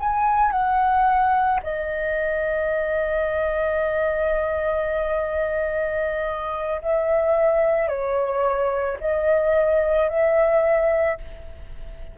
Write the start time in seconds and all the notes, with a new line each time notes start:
0.00 G#5
0.52 F#5
1.64 D#5
6.82 E5
7.89 C#5
9.00 D#5
10.09 E5